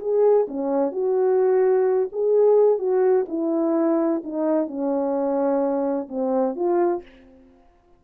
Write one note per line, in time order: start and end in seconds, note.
0.00 0.47 G#4
0.48 0.92 C#4
0.92 2.09 F#4
2.13 2.79 G#4
2.79 3.26 F#4
3.29 4.22 E4
4.24 4.68 D#4
4.68 6.08 C#4
6.09 6.56 C4
6.56 7.03 F4